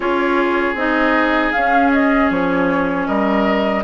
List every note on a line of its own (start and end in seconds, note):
0.00 0.74 C#4
0.00 0.75 F4
0.00 3.07 G#4
0.00 0.76 C#5
0.74 1.51 C4
0.74 1.54 D#4
0.74 1.52 D#5
1.52 3.83 C#4
1.52 2.30 C#4
1.52 1.90 F5
1.92 2.30 D#5
2.30 3.07 F3
2.30 3.06 C#5
3.06 3.83 G3
3.06 3.83 A#4
3.06 3.83 D#5